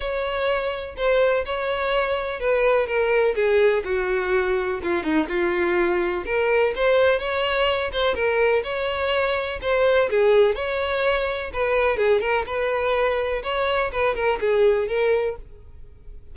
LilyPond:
\new Staff \with { instrumentName = "violin" } { \time 4/4 \tempo 4 = 125 cis''2 c''4 cis''4~ | cis''4 b'4 ais'4 gis'4 | fis'2 f'8 dis'8 f'4~ | f'4 ais'4 c''4 cis''4~ |
cis''8 c''8 ais'4 cis''2 | c''4 gis'4 cis''2 | b'4 gis'8 ais'8 b'2 | cis''4 b'8 ais'8 gis'4 ais'4 | }